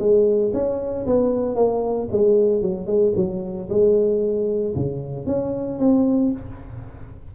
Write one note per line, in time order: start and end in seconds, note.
0.00 0.53 G#3
0.54 1.06 C#4
1.07 1.56 B3
1.56 2.09 A#3
2.12 2.62 G#3
2.62 2.87 F#3
2.87 3.13 G#3
3.16 3.69 F#3
3.70 4.75 G#3
4.76 5.27 C#3
5.27 5.79 C#4
5.80 6.32 C4